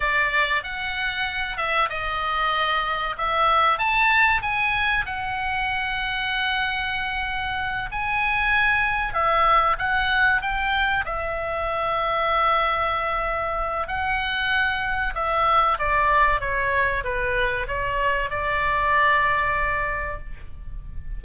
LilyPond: \new Staff \with { instrumentName = "oboe" } { \time 4/4 \tempo 4 = 95 d''4 fis''4. e''8 dis''4~ | dis''4 e''4 a''4 gis''4 | fis''1~ | fis''8 gis''2 e''4 fis''8~ |
fis''8 g''4 e''2~ e''8~ | e''2 fis''2 | e''4 d''4 cis''4 b'4 | cis''4 d''2. | }